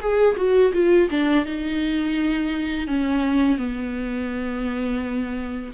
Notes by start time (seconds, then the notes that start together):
0.00 G#4
0.36 F#4
0.73 F4
1.10 D4
1.45 D#4
2.87 C#4
3.57 B3